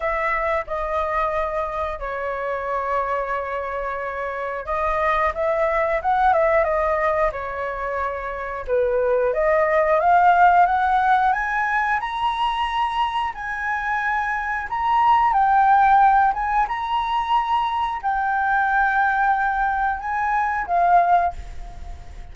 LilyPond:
\new Staff \with { instrumentName = "flute" } { \time 4/4 \tempo 4 = 90 e''4 dis''2 cis''4~ | cis''2. dis''4 | e''4 fis''8 e''8 dis''4 cis''4~ | cis''4 b'4 dis''4 f''4 |
fis''4 gis''4 ais''2 | gis''2 ais''4 g''4~ | g''8 gis''8 ais''2 g''4~ | g''2 gis''4 f''4 | }